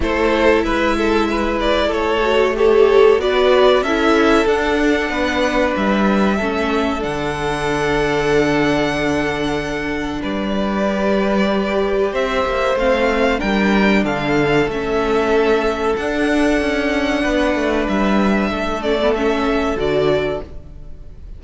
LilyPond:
<<
  \new Staff \with { instrumentName = "violin" } { \time 4/4 \tempo 4 = 94 c''4 e''4. d''8 cis''4 | a'4 d''4 e''4 fis''4~ | fis''4 e''2 fis''4~ | fis''1 |
d''2. e''4 | f''4 g''4 f''4 e''4~ | e''4 fis''2. | e''4. d''8 e''4 d''4 | }
  \new Staff \with { instrumentName = "violin" } { \time 4/4 a'4 b'8 a'8 b'4 a'4 | cis''4 b'4 a'2 | b'2 a'2~ | a'1 |
b'2. c''4~ | c''4 ais'4 a'2~ | a'2. b'4~ | b'4 a'2. | }
  \new Staff \with { instrumentName = "viola" } { \time 4/4 e'2.~ e'8 fis'8 | g'4 fis'4 e'4 d'4~ | d'2 cis'4 d'4~ | d'1~ |
d'4 g'2. | c'4 d'2 cis'4~ | cis'4 d'2.~ | d'4. cis'16 b16 cis'4 fis'4 | }
  \new Staff \with { instrumentName = "cello" } { \time 4/4 a4 gis2 a4~ | a4 b4 cis'4 d'4 | b4 g4 a4 d4~ | d1 |
g2. c'8 ais8 | a4 g4 d4 a4~ | a4 d'4 cis'4 b8 a8 | g4 a2 d4 | }
>>